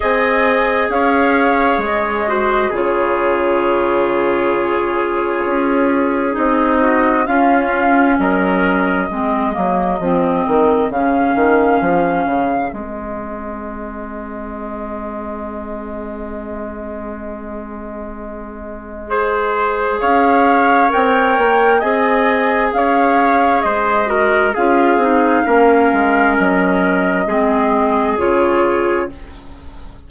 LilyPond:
<<
  \new Staff \with { instrumentName = "flute" } { \time 4/4 \tempo 4 = 66 gis''4 f''4 dis''4 cis''4~ | cis''2. dis''4 | f''4 dis''2. | f''2 dis''2~ |
dis''1~ | dis''2 f''4 g''4 | gis''4 f''4 dis''4 f''4~ | f''4 dis''2 cis''4 | }
  \new Staff \with { instrumentName = "trumpet" } { \time 4/4 dis''4 cis''4. c''8 gis'4~ | gis'2.~ gis'8 fis'8 | f'4 ais'4 gis'2~ | gis'1~ |
gis'1~ | gis'4 c''4 cis''2 | dis''4 cis''4 c''8 ais'8 gis'4 | ais'2 gis'2 | }
  \new Staff \with { instrumentName = "clarinet" } { \time 4/4 gis'2~ gis'8 fis'8 f'4~ | f'2. dis'4 | cis'2 c'8 ais8 c'4 | cis'2 c'2~ |
c'1~ | c'4 gis'2 ais'4 | gis'2~ gis'8 fis'8 f'8 dis'8 | cis'2 c'4 f'4 | }
  \new Staff \with { instrumentName = "bassoon" } { \time 4/4 c'4 cis'4 gis4 cis4~ | cis2 cis'4 c'4 | cis'4 fis4 gis8 fis8 f8 dis8 | cis8 dis8 f8 cis8 gis2~ |
gis1~ | gis2 cis'4 c'8 ais8 | c'4 cis'4 gis4 cis'8 c'8 | ais8 gis8 fis4 gis4 cis4 | }
>>